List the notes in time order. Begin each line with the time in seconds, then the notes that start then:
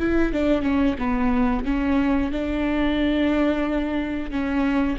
0.00 E4
0.33 D4
0.62 C#4
0.98 B3
1.65 C#4
2.32 D4
4.31 C#4